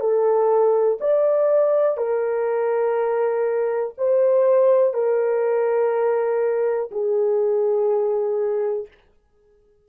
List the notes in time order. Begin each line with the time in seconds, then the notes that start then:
0.00 A4
1.00 D5
1.97 A#4
3.97 C5
4.94 A#4
6.91 G#4